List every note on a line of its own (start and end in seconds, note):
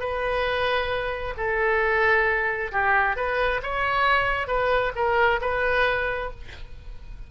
0.00 1.34 B4
1.37 2.72 A4
2.72 3.17 G4
3.17 3.61 B4
3.63 4.48 C#5
4.48 4.93 B4
4.95 5.40 A#4
5.41 6.31 B4